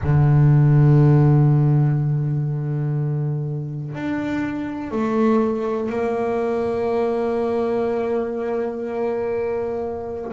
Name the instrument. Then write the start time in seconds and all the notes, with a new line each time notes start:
double bass
0.03 D3
3.94 D4
4.91 A3
5.89 A#3